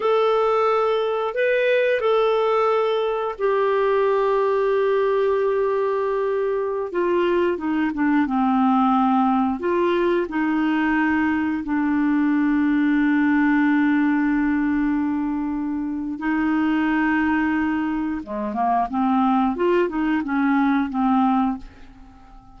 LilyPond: \new Staff \with { instrumentName = "clarinet" } { \time 4/4 \tempo 4 = 89 a'2 b'4 a'4~ | a'4 g'2.~ | g'2~ g'16 f'4 dis'8 d'16~ | d'16 c'2 f'4 dis'8.~ |
dis'4~ dis'16 d'2~ d'8.~ | d'1 | dis'2. gis8 ais8 | c'4 f'8 dis'8 cis'4 c'4 | }